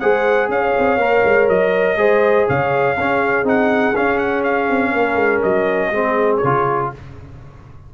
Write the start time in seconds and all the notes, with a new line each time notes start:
0.00 G#3 G#4 C5 F#5
0.49 C#4 C#5 F5
0.78 C4
0.97 A#3 A#4
1.25 G#3
1.49 F#3 D#5
1.97 G#3 G#4 C5
2.48 C#3 C#5 F5
2.98 C#4 G#4
3.44 C4 D#4 F#5
3.96 C#4 F5
4.18 F#5
4.44 F5
4.70 C4
4.92 A#3 A#4
5.16 G#3
5.43 F#3 D#5
5.91 G#3 C4 G#4
6.37 C#5
6.44 C#3 F4